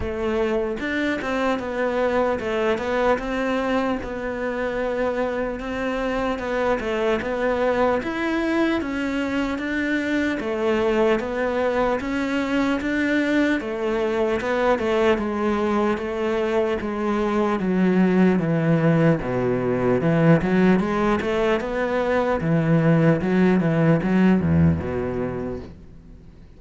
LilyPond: \new Staff \with { instrumentName = "cello" } { \time 4/4 \tempo 4 = 75 a4 d'8 c'8 b4 a8 b8 | c'4 b2 c'4 | b8 a8 b4 e'4 cis'4 | d'4 a4 b4 cis'4 |
d'4 a4 b8 a8 gis4 | a4 gis4 fis4 e4 | b,4 e8 fis8 gis8 a8 b4 | e4 fis8 e8 fis8 e,8 b,4 | }